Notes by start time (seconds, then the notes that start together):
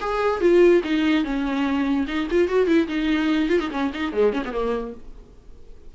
0.00 G#4
0.40 F4
0.83 D#4
1.24 C#4
2.07 D#4
2.30 F4
2.48 F#4
2.67 E4
2.88 D#4
3.49 F4
3.60 D#4
3.70 C#4
3.93 D#4
4.12 G#3
4.32 C#4
4.44 B3
4.52 A#3